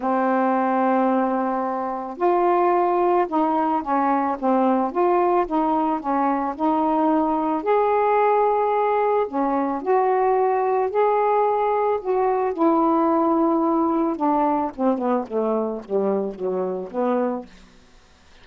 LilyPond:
\new Staff \with { instrumentName = "saxophone" } { \time 4/4 \tempo 4 = 110 c'1 | f'2 dis'4 cis'4 | c'4 f'4 dis'4 cis'4 | dis'2 gis'2~ |
gis'4 cis'4 fis'2 | gis'2 fis'4 e'4~ | e'2 d'4 c'8 b8 | a4 g4 fis4 b4 | }